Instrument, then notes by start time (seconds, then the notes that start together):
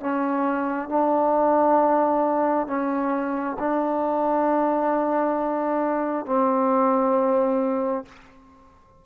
trombone
0.00 C#4
0.89 D4
2.67 C#4
3.59 D4
6.26 C4